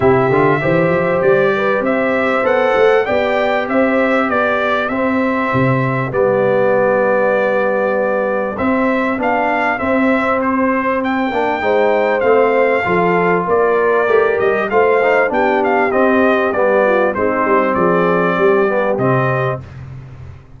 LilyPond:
<<
  \new Staff \with { instrumentName = "trumpet" } { \time 4/4 \tempo 4 = 98 e''2 d''4 e''4 | fis''4 g''4 e''4 d''4 | e''2 d''2~ | d''2 e''4 f''4 |
e''4 c''4 g''2 | f''2 d''4. dis''8 | f''4 g''8 f''8 dis''4 d''4 | c''4 d''2 dis''4 | }
  \new Staff \with { instrumentName = "horn" } { \time 4/4 g'4 c''4. b'8 c''4~ | c''4 d''4 c''4 g'4~ | g'1~ | g'1~ |
g'2. c''4~ | c''4 a'4 ais'2 | c''4 g'2~ g'8 f'8 | dis'4 gis'4 g'2 | }
  \new Staff \with { instrumentName = "trombone" } { \time 4/4 e'8 f'8 g'2. | a'4 g'2. | c'2 b2~ | b2 c'4 d'4 |
c'2~ c'8 d'8 dis'4 | c'4 f'2 g'4 | f'8 dis'8 d'4 c'4 b4 | c'2~ c'8 b8 c'4 | }
  \new Staff \with { instrumentName = "tuba" } { \time 4/4 c8 d8 e8 f8 g4 c'4 | b8 a8 b4 c'4 b4 | c'4 c4 g2~ | g2 c'4 b4 |
c'2~ c'8 ais8 gis4 | a4 f4 ais4 a8 g8 | a4 b4 c'4 g4 | gis8 g8 f4 g4 c4 | }
>>